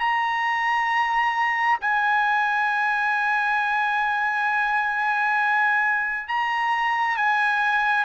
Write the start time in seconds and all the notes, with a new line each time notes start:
0.00 A#5
1.81 G#5
6.28 A#5
7.17 G#5